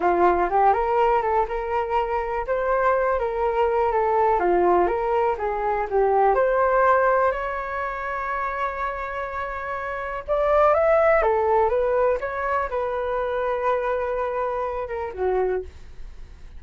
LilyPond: \new Staff \with { instrumentName = "flute" } { \time 4/4 \tempo 4 = 123 f'4 g'8 ais'4 a'8 ais'4~ | ais'4 c''4. ais'4. | a'4 f'4 ais'4 gis'4 | g'4 c''2 cis''4~ |
cis''1~ | cis''4 d''4 e''4 a'4 | b'4 cis''4 b'2~ | b'2~ b'8 ais'8 fis'4 | }